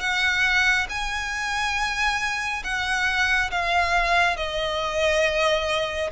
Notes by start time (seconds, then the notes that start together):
0.00 F#5
0.89 G#5
2.63 F#5
3.51 F5
4.36 D#5